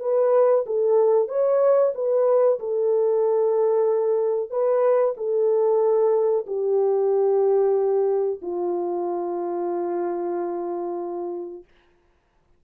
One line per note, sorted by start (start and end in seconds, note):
0.00 0.65 B4
0.66 1.28 A4
1.28 1.92 C#5
1.94 2.59 B4
2.60 4.50 A4
4.50 5.15 B4
5.17 6.46 A4
6.46 8.40 G4
8.42 11.64 F4